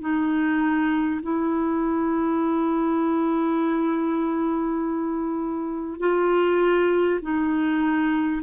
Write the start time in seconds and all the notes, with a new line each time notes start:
0.00 D#4
1.22 E4
5.99 F4
7.22 D#4